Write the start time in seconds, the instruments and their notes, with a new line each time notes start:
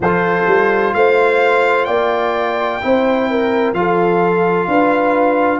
0.00 tuba F3, trombone F4, horn A4, trumpet C5
0.47 tuba G3
0.93 tuba A3, horn C5, trumpet F5
1.85 tuba A#3, horn D5, trumpet G5
2.81 tuba C4, trombone E4, horn C5
3.30 horn A#4
3.72 tuba F3, trombone F4, horn A4, trumpet F5
4.67 tuba D4, horn B4